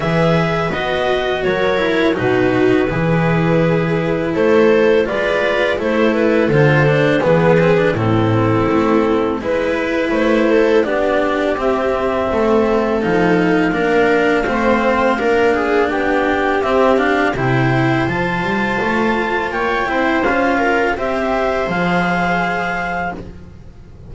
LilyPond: <<
  \new Staff \with { instrumentName = "clarinet" } { \time 4/4 \tempo 4 = 83 e''4 dis''4 cis''4 b'4~ | b'2 c''4 d''4 | c''8 b'8 c''4 b'4 a'4~ | a'4 b'4 c''4 d''4 |
e''2 f''2~ | f''2 g''4 e''8 f''8 | g''4 a''2 g''4 | f''4 e''4 f''2 | }
  \new Staff \with { instrumentName = "viola" } { \time 4/4 b'2 ais'4 fis'4 | gis'2 a'4 b'4 | a'2 gis'4 e'4~ | e'4 b'4. a'8 g'4~ |
g'4 a'2 ais'4 | c''4 ais'8 gis'8 g'2 | c''2. cis''8 c''8~ | c''8 ais'8 c''2. | }
  \new Staff \with { instrumentName = "cello" } { \time 4/4 gis'4 fis'4. e'8 dis'4 | e'2. f'4 | e'4 f'8 d'8 b8 c'16 d'16 c'4~ | c'4 e'2 d'4 |
c'2 dis'4 d'4 | c'4 d'2 c'8 d'8 | e'4 f'2~ f'8 e'8 | f'4 g'4 gis'2 | }
  \new Staff \with { instrumentName = "double bass" } { \time 4/4 e4 b4 fis4 b,4 | e2 a4 gis4 | a4 d4 e4 a,4 | a4 gis4 a4 b4 |
c'4 a4 f4 ais4 | a4 ais4 b4 c'4 | c4 f8 g8 a4 ais8 c'8 | cis'4 c'4 f2 | }
>>